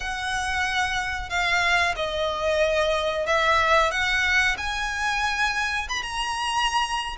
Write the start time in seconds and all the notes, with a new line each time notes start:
0.00 F#5
1.29 F5
1.96 D#5
3.26 E5
3.91 F#5
4.57 G#5
5.88 B5
6.02 A#5